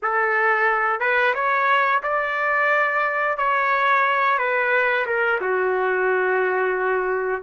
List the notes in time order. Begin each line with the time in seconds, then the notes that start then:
0.02 A4
1.00 B4
1.34 C#5
2.03 D5
3.37 C#5
4.38 B4
5.06 A#4
5.41 F#4